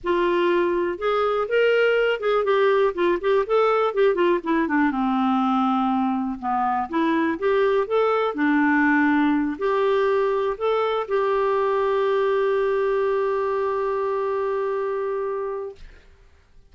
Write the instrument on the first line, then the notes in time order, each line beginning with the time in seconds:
clarinet
0.03 F4
0.98 G#4
1.48 A#4
2.20 G#4
2.44 G4
2.94 F4
3.21 G4
3.46 A4
3.94 G4
4.14 F4
4.43 E4
4.68 D4
4.91 C4
6.39 B3
6.89 E4
7.38 G4
7.87 A4
8.34 D4
9.58 G4
10.57 A4
11.08 G4